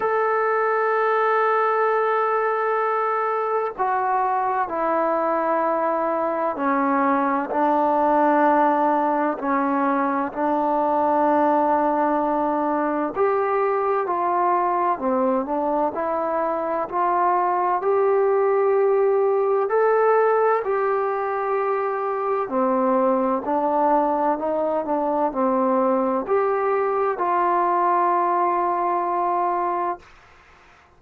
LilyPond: \new Staff \with { instrumentName = "trombone" } { \time 4/4 \tempo 4 = 64 a'1 | fis'4 e'2 cis'4 | d'2 cis'4 d'4~ | d'2 g'4 f'4 |
c'8 d'8 e'4 f'4 g'4~ | g'4 a'4 g'2 | c'4 d'4 dis'8 d'8 c'4 | g'4 f'2. | }